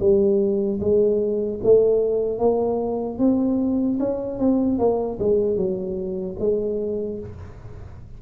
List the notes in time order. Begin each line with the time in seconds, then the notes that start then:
0.00 G3
0.80 G#3
1.64 A3
2.39 A#3
3.19 C4
4.00 C#4
4.39 C4
4.79 A#3
5.20 G#3
5.56 F#3
6.40 G#3